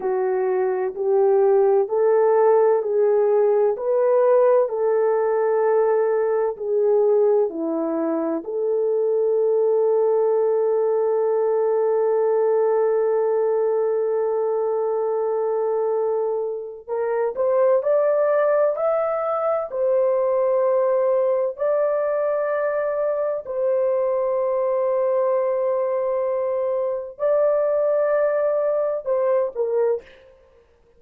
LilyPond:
\new Staff \with { instrumentName = "horn" } { \time 4/4 \tempo 4 = 64 fis'4 g'4 a'4 gis'4 | b'4 a'2 gis'4 | e'4 a'2.~ | a'1~ |
a'2 ais'8 c''8 d''4 | e''4 c''2 d''4~ | d''4 c''2.~ | c''4 d''2 c''8 ais'8 | }